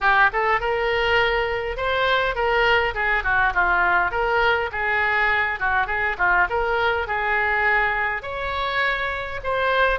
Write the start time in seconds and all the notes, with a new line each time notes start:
0.01 G4
0.32 A4
0.60 A#4
1.76 C5
2.35 A#4
2.94 G#4
3.23 F#4
3.54 F4
4.11 A#4
4.72 G#4
5.59 F#4
5.86 G#4
6.18 F4
6.49 A#4
7.07 G#4
8.22 C#5
9.43 C5